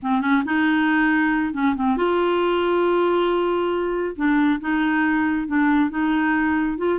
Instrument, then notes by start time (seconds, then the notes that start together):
clarinet
0.02 C4
0.21 C#4
0.45 D#4
1.53 C#4
1.75 C4
1.96 F4
4.16 D4
4.60 D#4
5.47 D4
5.90 D#4
6.77 F4